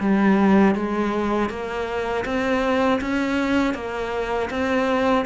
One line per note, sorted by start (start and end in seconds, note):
0.00 0.75 G3
0.75 1.50 G#3
1.50 2.25 A#3
2.25 3.00 C4
3.01 3.75 C#4
3.75 4.50 A#3
4.50 5.25 C4